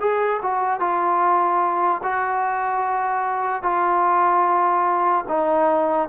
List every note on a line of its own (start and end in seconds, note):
0.00 0.41 G#4
0.42 0.80 F#4
0.80 2.01 F4
2.03 3.63 F#4
3.63 5.25 F4
5.28 6.08 D#4